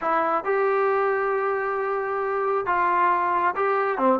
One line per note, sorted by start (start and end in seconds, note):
0.01 0.44 E4
0.44 2.66 G4
2.66 3.55 F4
3.55 3.98 G4
3.98 4.19 C4